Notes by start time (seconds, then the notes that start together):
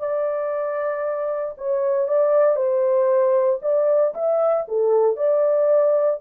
0.00 D5
1.58 C#5
2.08 D5
2.56 C5
3.63 D5
4.15 E5
4.68 A4
5.17 D5